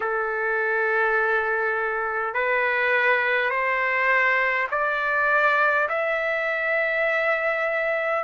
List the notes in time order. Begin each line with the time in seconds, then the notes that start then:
0.00 A4
2.34 B4
3.50 C5
4.71 D5
5.88 E5